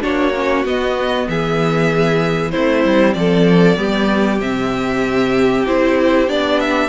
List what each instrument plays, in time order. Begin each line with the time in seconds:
0.00 cello A#3, viola D4, violin F#4 C#5
0.34 viola C#4
0.64 cello B3, viola B3, violin D#5
1.28 cello E3, violin G#4 E5
2.51 cello A3, viola C4, violin E4 C5
2.84 cello G3
3.14 cello F3, violin A4 D5
3.76 cello G3, viola B3, violin G4
4.40 cello C3, viola C4, violin E5
5.66 cello C4, viola E4, violin C5
6.28 cello B3, viola D4, violin D5
6.59 violin E5